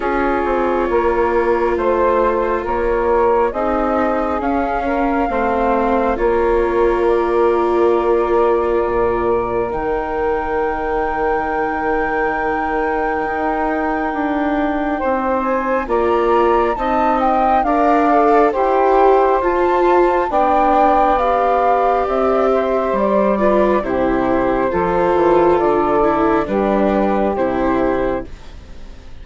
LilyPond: <<
  \new Staff \with { instrumentName = "flute" } { \time 4/4 \tempo 4 = 68 cis''2 c''4 cis''4 | dis''4 f''2 cis''4 | d''2. g''4~ | g''1~ |
g''4. gis''8 ais''4 a''8 g''8 | f''4 g''4 a''4 g''4 | f''4 e''4 d''4 c''4~ | c''4 d''4 b'4 c''4 | }
  \new Staff \with { instrumentName = "saxophone" } { \time 4/4 gis'4 ais'4 c''4 ais'4 | gis'4. ais'8 c''4 ais'4~ | ais'1~ | ais'1~ |
ais'4 c''4 d''4 dis''4 | d''4 c''2 d''4~ | d''4. c''4 b'8 g'4 | a'2 g'2 | }
  \new Staff \with { instrumentName = "viola" } { \time 4/4 f'1 | dis'4 cis'4 c'4 f'4~ | f'2. dis'4~ | dis'1~ |
dis'2 f'4 dis'4 | ais'8 a'8 g'4 f'4 d'4 | g'2~ g'8 f'8 e'4 | f'4. e'8 d'4 e'4 | }
  \new Staff \with { instrumentName = "bassoon" } { \time 4/4 cis'8 c'8 ais4 a4 ais4 | c'4 cis'4 a4 ais4~ | ais2 ais,4 dis4~ | dis2. dis'4 |
d'4 c'4 ais4 c'4 | d'4 e'4 f'4 b4~ | b4 c'4 g4 c4 | f8 e8 d4 g4 c4 | }
>>